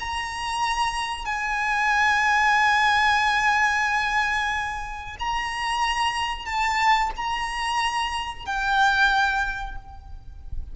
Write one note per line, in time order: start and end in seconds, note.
0.00 1.26 A#5
1.26 5.17 G#5
5.20 6.46 A#5
6.46 7.11 A5
7.17 8.46 A#5
8.46 9.77 G5